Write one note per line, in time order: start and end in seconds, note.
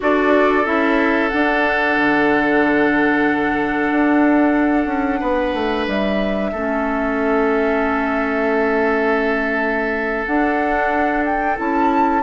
0.00 0.66 D4
0.00 0.64 F#4
0.00 5.20 A4
0.00 0.65 D5
0.65 1.31 C#4
0.65 1.30 E4
0.65 1.29 E5
1.29 6.54 D4
1.29 1.97 D4
1.29 5.85 F#5
1.97 3.91 D3
3.91 4.86 D4
4.86 5.18 C#4
5.20 5.54 B3
5.20 6.50 B4
5.54 5.86 A3
5.87 6.52 G3
5.87 10.25 E5
6.52 10.26 A3
6.52 10.27 C#4
6.52 12.22 A4
10.25 11.57 D4
10.25 11.56 D4
10.25 11.23 F#5
11.24 11.57 G5
11.56 12.22 C#4
11.56 12.21 E4
11.56 12.22 A5